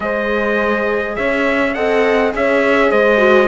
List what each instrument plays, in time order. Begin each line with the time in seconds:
0.00 cello G#3, viola G#4, horn C5, trumpet D#5
1.15 cello C#4, horn C#5, trumpet E5
1.74 cello C4, viola A4, horn D#5, trumpet F#5
2.32 cello C#4, viola G#4, horn C#5, trumpet E5
2.90 cello G#3, horn C5, trumpet D#5
3.17 viola F#4